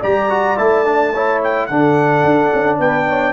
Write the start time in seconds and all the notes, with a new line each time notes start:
0.00 G3 G4 D5 A#5
0.29 F#4
0.57 A3 E4 A5
0.84 D4
1.13 E4 C#5
1.43 G5
1.66 D3 D4 A4 F#5
2.24 D4
2.53 C#4
2.78 B3 B4 G5
3.09 C#5